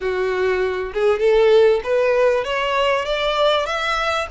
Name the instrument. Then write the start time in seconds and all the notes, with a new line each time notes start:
violin
0.01 F#4
0.93 G#4
1.19 A4
1.83 B4
2.44 C#5
3.05 D5
3.66 E5